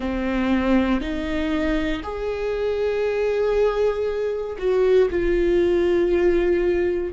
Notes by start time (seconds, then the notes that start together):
0.00 C4
1.00 D#4
2.02 G#4
4.58 F#4
5.10 F4